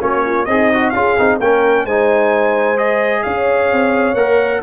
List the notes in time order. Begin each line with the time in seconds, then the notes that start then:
0.00 A#3 C#4 F#4 C#5
0.26 F4
0.45 C4 D#4 G#4 D#5
0.73 F#4
0.90 C#4 F4 G#4 F5
1.18 C4 D#4
1.39 A#3 C#4 A#4 G5
1.85 G#3 D#4 C5 G#5
2.77 G#4 D#5
3.23 C#4 C#5 F5
3.72 C4
4.14 A#3 A#4 F#5